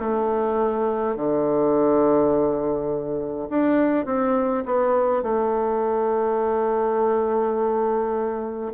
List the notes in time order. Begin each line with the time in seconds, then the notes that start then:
0.00 A3
1.16 D3
3.50 D4
4.06 C4
4.66 B3
5.23 A3